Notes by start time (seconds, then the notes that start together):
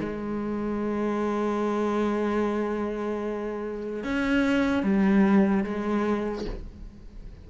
0.00 G#3
4.04 C#4
4.83 G3
5.64 G#3